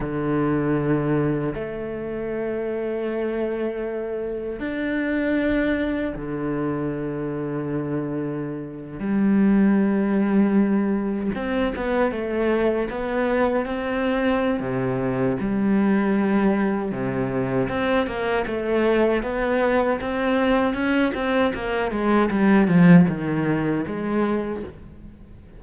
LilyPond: \new Staff \with { instrumentName = "cello" } { \time 4/4 \tempo 4 = 78 d2 a2~ | a2 d'2 | d2.~ d8. g16~ | g2~ g8. c'8 b8 a16~ |
a8. b4 c'4~ c'16 c4 | g2 c4 c'8 ais8 | a4 b4 c'4 cis'8 c'8 | ais8 gis8 g8 f8 dis4 gis4 | }